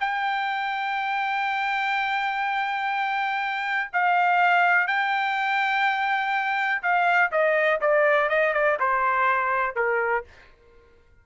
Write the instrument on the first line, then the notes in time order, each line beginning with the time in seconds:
trumpet
0.00 G5
3.92 F5
4.87 G5
6.82 F5
7.31 D#5
7.80 D5
8.29 D#5
8.53 D5
8.79 C5
9.76 A#4